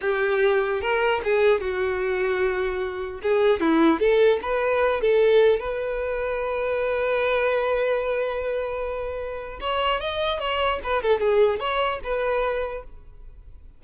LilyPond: \new Staff \with { instrumentName = "violin" } { \time 4/4 \tempo 4 = 150 g'2 ais'4 gis'4 | fis'1 | gis'4 e'4 a'4 b'4~ | b'8 a'4. b'2~ |
b'1~ | b'1 | cis''4 dis''4 cis''4 b'8 a'8 | gis'4 cis''4 b'2 | }